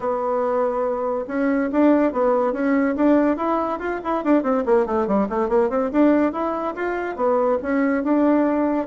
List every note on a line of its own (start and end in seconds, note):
0.00 1.25 B3
1.27 1.70 C#4
1.72 2.12 D4
2.12 2.52 B3
2.52 2.95 C#4
2.96 3.36 D4
3.36 3.79 E4
3.79 4.00 F4
4.04 4.24 E4
4.24 4.43 D4
4.43 4.64 C4
4.65 4.86 A#3
4.86 5.07 A3
5.07 5.28 G3
5.29 5.48 A3
5.48 5.69 A#3
5.69 5.90 C4
5.92 6.32 D4
6.32 6.74 E4
6.75 7.15 F4
7.15 7.58 B3
7.62 8.03 C#4
8.03 8.87 D4